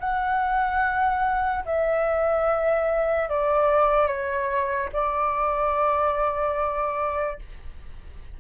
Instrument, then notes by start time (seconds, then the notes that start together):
flute
0.00 F#5
1.66 E5
3.29 D5
4.07 C#5
4.93 D5